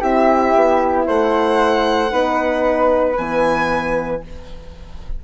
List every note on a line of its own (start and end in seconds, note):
0.00 0.55 C4
0.00 2.10 E4
0.00 1.06 G4
0.00 1.07 E5
0.55 1.07 B3
1.07 2.12 A3
1.07 2.12 C5
1.07 3.17 F#5
2.10 3.17 B3
2.10 3.16 D#4
2.10 4.23 B4
3.17 4.23 E3
3.17 4.24 B3
3.17 4.22 G#5